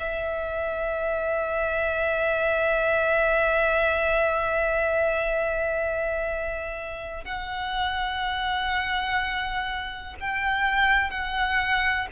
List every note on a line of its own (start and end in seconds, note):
0.00 7.25 E5
7.25 10.16 F#5
10.21 11.10 G5
11.10 12.07 F#5